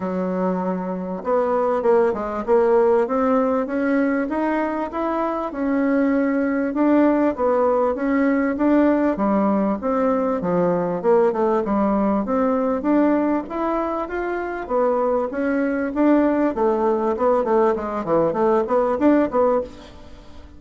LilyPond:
\new Staff \with { instrumentName = "bassoon" } { \time 4/4 \tempo 4 = 98 fis2 b4 ais8 gis8 | ais4 c'4 cis'4 dis'4 | e'4 cis'2 d'4 | b4 cis'4 d'4 g4 |
c'4 f4 ais8 a8 g4 | c'4 d'4 e'4 f'4 | b4 cis'4 d'4 a4 | b8 a8 gis8 e8 a8 b8 d'8 b8 | }